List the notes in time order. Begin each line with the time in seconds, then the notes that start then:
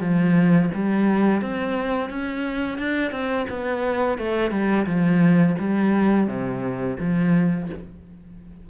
0.00 F3
0.74 G3
1.41 C4
2.10 C#4
2.78 D4
3.11 C4
3.49 B3
4.18 A3
4.51 G3
4.86 F3
5.59 G3
6.27 C3
6.99 F3